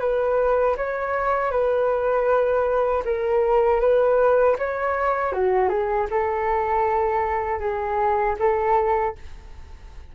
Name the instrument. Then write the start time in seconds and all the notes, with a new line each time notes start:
flute
0.00 B4
0.77 C#5
1.51 B4
3.05 A#4
3.80 B4
4.58 C#5
5.32 F#4
5.69 G#4
6.11 A4
7.59 G#4
8.39 A4